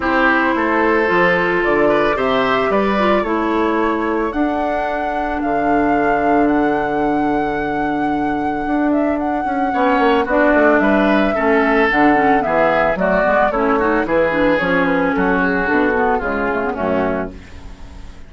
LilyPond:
<<
  \new Staff \with { instrumentName = "flute" } { \time 4/4 \tempo 4 = 111 c''2. d''4 | e''4 d''4 cis''2 | fis''2 f''2 | fis''1~ |
fis''8 e''8 fis''2 d''4 | e''2 fis''4 e''4 | d''4 cis''4 b'4 cis''8 b'8 | a'8 gis'8 a'4 gis'4 fis'4 | }
  \new Staff \with { instrumentName = "oboe" } { \time 4/4 g'4 a'2~ a'8 b'8 | c''4 b'4 a'2~ | a'1~ | a'1~ |
a'2 cis''4 fis'4 | b'4 a'2 gis'4 | fis'4 e'8 fis'8 gis'2 | fis'2 f'4 cis'4 | }
  \new Staff \with { instrumentName = "clarinet" } { \time 4/4 e'2 f'2 | g'4. f'8 e'2 | d'1~ | d'1~ |
d'2 cis'4 d'4~ | d'4 cis'4 d'8 cis'8 b4 | a8 b8 cis'8 dis'8 e'8 d'8 cis'4~ | cis'4 d'8 b8 gis8 a16 b16 a4 | }
  \new Staff \with { instrumentName = "bassoon" } { \time 4/4 c'4 a4 f4 d4 | c4 g4 a2 | d'2 d2~ | d1 |
d'4. cis'8 b8 ais8 b8 a8 | g4 a4 d4 e4 | fis8 gis8 a4 e4 f4 | fis4 b,4 cis4 fis,4 | }
>>